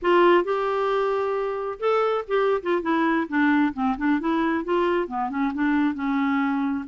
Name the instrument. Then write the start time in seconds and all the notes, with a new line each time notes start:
clarinet
0.02 F4
0.44 G4
1.79 A4
2.27 G4
2.62 F4
2.82 E4
3.28 D4
3.73 C4
3.97 D4
4.20 E4
4.64 F4
5.07 B3
5.30 C#4
5.53 D4
5.94 C#4